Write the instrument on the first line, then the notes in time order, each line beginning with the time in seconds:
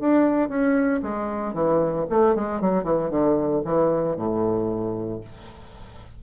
bassoon
0.00 D4
0.49 C#4
1.03 G#3
1.54 E3
2.10 A3
2.35 G#3
2.61 F#3
2.84 E3
3.10 D3
3.65 E3
4.16 A2